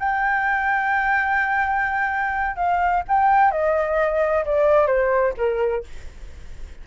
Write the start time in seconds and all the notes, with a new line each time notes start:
0.00 G5
2.57 F5
3.08 G5
3.51 D#5
4.46 D5
4.87 C5
5.38 A#4